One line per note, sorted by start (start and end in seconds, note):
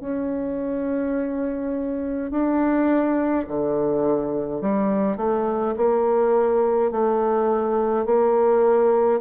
0.00 2.31 C#4
2.31 3.46 D4
3.48 4.62 D3
4.62 5.17 G3
5.17 5.74 A3
5.76 6.91 A#3
6.91 8.06 A3
8.06 9.20 A#3